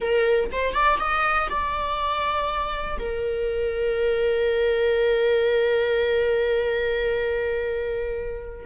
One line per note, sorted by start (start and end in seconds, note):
0.00 0.50 A#4
0.52 0.73 C5
0.73 0.98 D5
0.99 1.49 D#5
1.49 2.98 D5
2.98 8.66 A#4